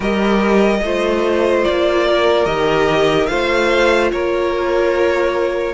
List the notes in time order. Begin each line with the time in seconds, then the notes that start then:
0.00 G3 G4 A#4 D#5
0.82 A3 F4 C5
1.64 A#3 D5
2.07 A#4
2.45 D#3 G4 D#5
3.26 A3 F4 C5 F5
4.11 A#3 A#4 C#5